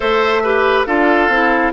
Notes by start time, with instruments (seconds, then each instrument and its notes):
0.00 bassoon A3, clarinet A4, oboe C5, flute E5
0.43 clarinet G4, oboe B4
0.86 bassoon D4, clarinet F4, oboe A4, flute F5
1.28 bassoon C4, clarinet E4